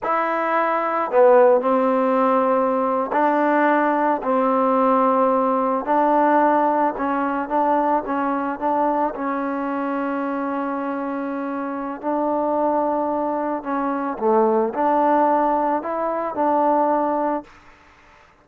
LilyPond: \new Staff \with { instrumentName = "trombone" } { \time 4/4 \tempo 4 = 110 e'2 b4 c'4~ | c'4.~ c'16 d'2 c'16~ | c'2~ c'8. d'4~ d'16~ | d'8. cis'4 d'4 cis'4 d'16~ |
d'8. cis'2.~ cis'16~ | cis'2 d'2~ | d'4 cis'4 a4 d'4~ | d'4 e'4 d'2 | }